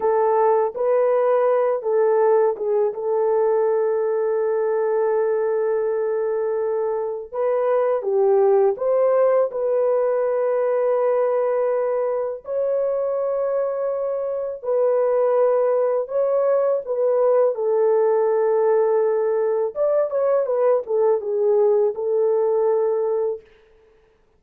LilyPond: \new Staff \with { instrumentName = "horn" } { \time 4/4 \tempo 4 = 82 a'4 b'4. a'4 gis'8 | a'1~ | a'2 b'4 g'4 | c''4 b'2.~ |
b'4 cis''2. | b'2 cis''4 b'4 | a'2. d''8 cis''8 | b'8 a'8 gis'4 a'2 | }